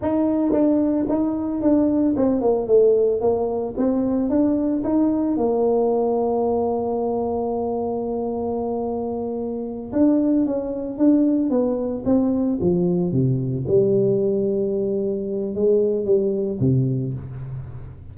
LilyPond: \new Staff \with { instrumentName = "tuba" } { \time 4/4 \tempo 4 = 112 dis'4 d'4 dis'4 d'4 | c'8 ais8 a4 ais4 c'4 | d'4 dis'4 ais2~ | ais1~ |
ais2~ ais8 d'4 cis'8~ | cis'8 d'4 b4 c'4 f8~ | f8 c4 g2~ g8~ | g4 gis4 g4 c4 | }